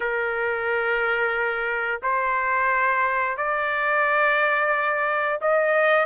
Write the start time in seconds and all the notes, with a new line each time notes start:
0.00 A#4
2.02 C5
3.37 D5
5.41 D#5